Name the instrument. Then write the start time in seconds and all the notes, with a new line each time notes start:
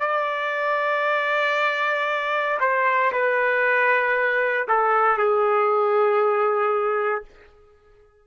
trumpet
0.00 D5
2.60 C5
3.12 B4
4.68 A4
5.17 G#4